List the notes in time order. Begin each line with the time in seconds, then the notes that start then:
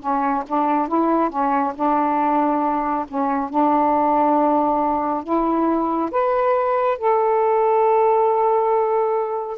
0.00 C#4
0.47 D4
0.88 E4
1.30 C#4
1.75 D4
3.08 C#4
3.49 D4
5.23 E4
6.11 B4
6.98 A4